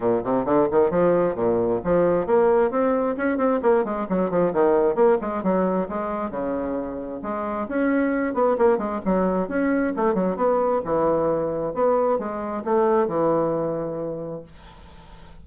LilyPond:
\new Staff \with { instrumentName = "bassoon" } { \time 4/4 \tempo 4 = 133 ais,8 c8 d8 dis8 f4 ais,4 | f4 ais4 c'4 cis'8 c'8 | ais8 gis8 fis8 f8 dis4 ais8 gis8 | fis4 gis4 cis2 |
gis4 cis'4. b8 ais8 gis8 | fis4 cis'4 a8 fis8 b4 | e2 b4 gis4 | a4 e2. | }